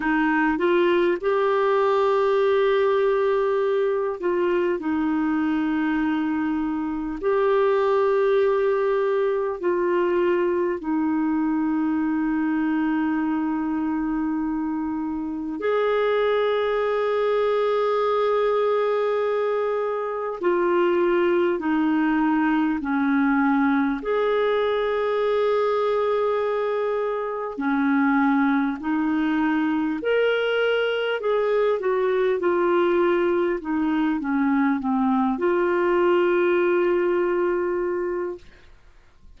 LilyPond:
\new Staff \with { instrumentName = "clarinet" } { \time 4/4 \tempo 4 = 50 dis'8 f'8 g'2~ g'8 f'8 | dis'2 g'2 | f'4 dis'2.~ | dis'4 gis'2.~ |
gis'4 f'4 dis'4 cis'4 | gis'2. cis'4 | dis'4 ais'4 gis'8 fis'8 f'4 | dis'8 cis'8 c'8 f'2~ f'8 | }